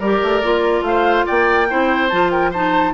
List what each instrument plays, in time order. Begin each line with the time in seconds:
0.00 bassoon G3, clarinet G4, oboe A#4, flute D5
0.23 bassoon A3
0.43 bassoon A#3, clarinet F4
0.81 bassoon A3, flute F5
0.88 oboe C5
1.26 bassoon A#3, oboe D5, flute G5
1.69 bassoon C4, clarinet E4, oboe C5
2.09 bassoon F3, clarinet F4, flute A5
2.31 oboe A#4, flute G5
2.51 clarinet D#4, oboe C5, flute A5